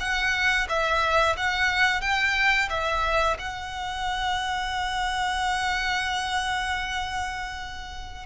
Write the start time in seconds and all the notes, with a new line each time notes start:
0.00 F#5
0.69 E5
1.37 F#5
2.01 G5
2.70 E5
3.39 F#5